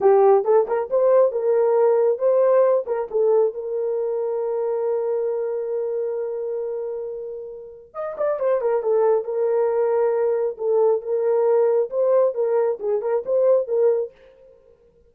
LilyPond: \new Staff \with { instrumentName = "horn" } { \time 4/4 \tempo 4 = 136 g'4 a'8 ais'8 c''4 ais'4~ | ais'4 c''4. ais'8 a'4 | ais'1~ | ais'1~ |
ais'2 dis''8 d''8 c''8 ais'8 | a'4 ais'2. | a'4 ais'2 c''4 | ais'4 gis'8 ais'8 c''4 ais'4 | }